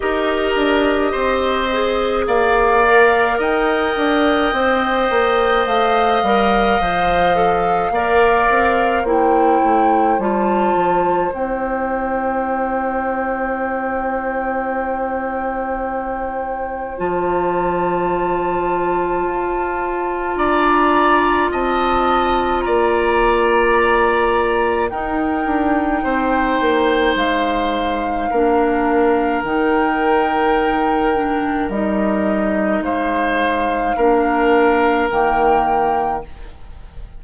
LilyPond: <<
  \new Staff \with { instrumentName = "flute" } { \time 4/4 \tempo 4 = 53 dis''2 f''4 g''4~ | g''4 f''2. | g''4 a''4 g''2~ | g''2. a''4~ |
a''2 ais''4 a''4 | ais''2 g''2 | f''2 g''2 | dis''4 f''2 g''4 | }
  \new Staff \with { instrumentName = "oboe" } { \time 4/4 ais'4 c''4 d''4 dis''4~ | dis''2. d''4 | c''1~ | c''1~ |
c''2 d''4 dis''4 | d''2 ais'4 c''4~ | c''4 ais'2.~ | ais'4 c''4 ais'2 | }
  \new Staff \with { instrumentName = "clarinet" } { \time 4/4 g'4. gis'4 ais'4. | c''4. ais'8 c''8 a'8 ais'4 | e'4 f'4 e'2~ | e'2. f'4~ |
f'1~ | f'2 dis'2~ | dis'4 d'4 dis'4. d'8 | dis'2 d'4 ais4 | }
  \new Staff \with { instrumentName = "bassoon" } { \time 4/4 dis'8 d'8 c'4 ais4 dis'8 d'8 | c'8 ais8 a8 g8 f4 ais8 c'8 | ais8 a8 g8 f8 c'2~ | c'2. f4~ |
f4 f'4 d'4 c'4 | ais2 dis'8 d'8 c'8 ais8 | gis4 ais4 dis2 | g4 gis4 ais4 dis4 | }
>>